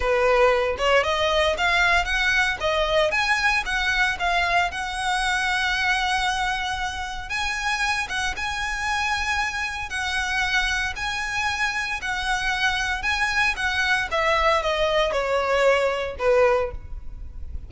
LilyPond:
\new Staff \with { instrumentName = "violin" } { \time 4/4 \tempo 4 = 115 b'4. cis''8 dis''4 f''4 | fis''4 dis''4 gis''4 fis''4 | f''4 fis''2.~ | fis''2 gis''4. fis''8 |
gis''2. fis''4~ | fis''4 gis''2 fis''4~ | fis''4 gis''4 fis''4 e''4 | dis''4 cis''2 b'4 | }